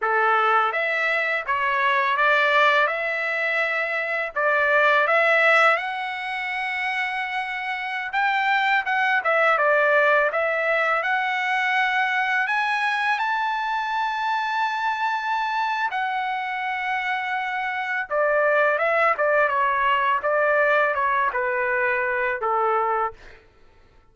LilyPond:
\new Staff \with { instrumentName = "trumpet" } { \time 4/4 \tempo 4 = 83 a'4 e''4 cis''4 d''4 | e''2 d''4 e''4 | fis''2.~ fis''16 g''8.~ | g''16 fis''8 e''8 d''4 e''4 fis''8.~ |
fis''4~ fis''16 gis''4 a''4.~ a''16~ | a''2 fis''2~ | fis''4 d''4 e''8 d''8 cis''4 | d''4 cis''8 b'4. a'4 | }